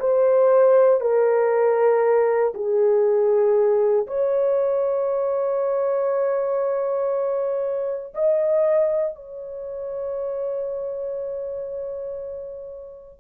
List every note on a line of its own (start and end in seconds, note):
0.00 1.01 C5
1.01 2.53 A#4
2.54 4.07 G#4
4.07 8.14 C#5
8.14 9.15 D#5
9.15 13.20 C#5